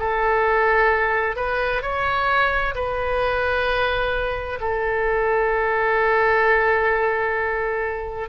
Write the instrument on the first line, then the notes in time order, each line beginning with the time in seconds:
oboe
0.00 A4
1.37 B4
1.83 C#5
2.75 B4
4.61 A4